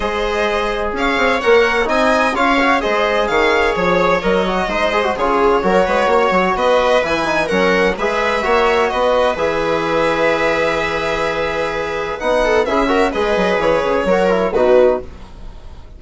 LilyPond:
<<
  \new Staff \with { instrumentName = "violin" } { \time 4/4 \tempo 4 = 128 dis''2 f''4 fis''4 | gis''4 f''4 dis''4 f''4 | cis''4 dis''2 cis''4~ | cis''2 dis''4 gis''4 |
fis''4 e''2 dis''4 | e''1~ | e''2 fis''4 e''4 | dis''4 cis''2 b'4 | }
  \new Staff \with { instrumentName = "viola" } { \time 4/4 c''2 cis''2 | dis''4 cis''4 c''4 cis''4~ | cis''2 c''4 gis'4 | ais'8 b'8 cis''4 b'2 |
ais'4 b'4 cis''4 b'4~ | b'1~ | b'2~ b'8 a'8 gis'8 ais'8 | b'2 ais'4 fis'4 | }
  \new Staff \with { instrumentName = "trombone" } { \time 4/4 gis'2. ais'4 | dis'4 f'8 fis'8 gis'2~ | gis'4 ais'8 fis'8 dis'8 gis'16 fis'16 f'4 | fis'2. e'8 dis'8 |
cis'4 gis'4 fis'2 | gis'1~ | gis'2 dis'4 e'8 fis'8 | gis'2 fis'8 e'8 dis'4 | }
  \new Staff \with { instrumentName = "bassoon" } { \time 4/4 gis2 cis'8 c'8 ais4 | c'4 cis'4 gis4 dis4 | f4 fis4 gis4 cis4 | fis8 gis8 ais8 fis8 b4 e4 |
fis4 gis4 ais4 b4 | e1~ | e2 b4 cis'4 | gis8 fis8 e8 cis8 fis4 b,4 | }
>>